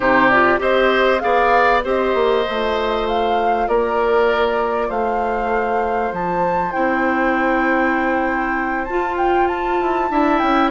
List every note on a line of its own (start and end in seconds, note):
0.00 0.57 C3
0.00 0.30 D#4
0.00 0.59 G4
0.00 0.29 C5
0.29 0.58 F4
0.29 0.59 D5
0.58 1.21 C4
0.58 1.19 G4
0.58 1.22 C5
0.58 1.19 D#5
1.19 1.84 B3
1.19 1.81 G#4
1.19 1.84 D5
1.19 1.80 F5
1.84 2.14 C4
1.84 2.45 G4
1.84 3.67 C5
1.84 3.07 D#5
2.14 2.45 A#3
2.45 3.68 A3
2.45 6.73 F4
3.07 3.67 F5
3.67 4.89 A#3
3.67 4.88 A#4
3.67 4.90 D5
4.88 6.12 A3
4.88 10.08 C5
4.88 6.12 F5
6.12 6.73 F3
6.12 6.71 A5
6.71 8.89 C4
6.71 8.87 E4
6.71 8.84 G5
8.84 9.80 F4
8.84 10.11 F4
8.84 9.15 A5
9.17 9.47 G5
9.47 10.38 A5
9.80 10.10 E4
10.10 10.40 D4
10.10 10.71 E4
10.10 10.71 E5
10.38 10.71 C#4
10.38 10.69 G5